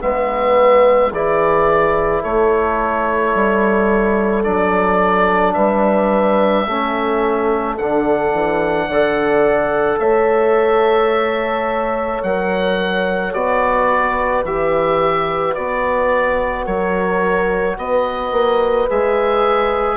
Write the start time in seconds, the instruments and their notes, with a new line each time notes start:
0.00 bassoon G#3, trombone B3, horn B4, oboe E5
1.12 bassoon E3, trombone E4, horn G#4, oboe D5
2.22 bassoon A3, horn A4, oboe C#5
3.35 bassoon G3
4.44 bassoon F#3, trombone D4, oboe D5
5.54 bassoon G3, horn B4, oboe E5
6.67 bassoon A3, trombone C#4, horn A4
7.78 bassoon D3, trombone D4, oboe F#5
8.33 bassoon E3
8.88 bassoon D3, trombone A4, horn D5
9.99 bassoon A3, horn C#5, oboe E5
12.23 bassoon F#3, trombone A#4, oboe F#5
13.34 bassoon B3, trombone F#4, oboe D5
13.89 horn B4
14.44 bassoon E3, trombone G4, oboe E5
15.55 bassoon B3, trombone F#4, oboe D5
16.65 bassoon F#3, horn A#4, oboe C#5
17.78 bassoon B3, horn B4, oboe D#5
18.32 bassoon A#3
18.90 bassoon G#3, trombone G#4, oboe E5